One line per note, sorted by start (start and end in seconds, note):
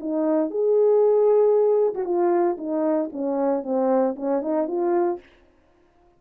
0.00 0.50 D#4
0.50 1.94 G#4
1.94 2.05 F#4
2.05 2.57 F4
2.58 3.10 D#4
3.12 3.63 C#4
3.63 4.15 C4
4.16 4.42 C#4
4.42 4.67 D#4
4.67 5.20 F4